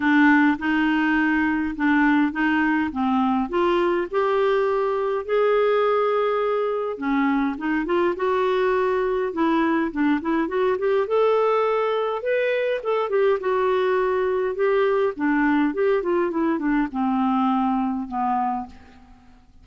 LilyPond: \new Staff \with { instrumentName = "clarinet" } { \time 4/4 \tempo 4 = 103 d'4 dis'2 d'4 | dis'4 c'4 f'4 g'4~ | g'4 gis'2. | cis'4 dis'8 f'8 fis'2 |
e'4 d'8 e'8 fis'8 g'8 a'4~ | a'4 b'4 a'8 g'8 fis'4~ | fis'4 g'4 d'4 g'8 f'8 | e'8 d'8 c'2 b4 | }